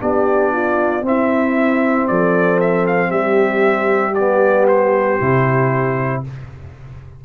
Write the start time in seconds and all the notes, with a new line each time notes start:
0.00 B3 D4 G4 D5
0.52 F4
1.02 C4 E4 E5
2.08 F3 A4 D5
2.61 E5
2.87 F5
3.10 G3 G4 E5
4.15 B3 D5
4.68 C5
5.20 C3 E4